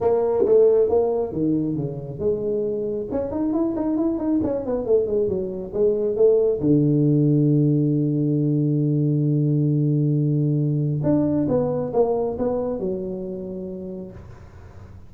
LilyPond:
\new Staff \with { instrumentName = "tuba" } { \time 4/4 \tempo 4 = 136 ais4 a4 ais4 dis4 | cis4 gis2 cis'8 dis'8 | e'8 dis'8 e'8 dis'8 cis'8 b8 a8 gis8 | fis4 gis4 a4 d4~ |
d1~ | d1~ | d4 d'4 b4 ais4 | b4 fis2. | }